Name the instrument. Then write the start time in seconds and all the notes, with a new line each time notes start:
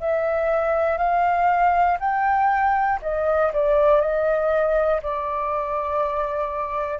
flute
0.00 E5
0.98 F5
2.00 G5
3.02 D#5
3.53 D5
4.01 D#5
5.03 D5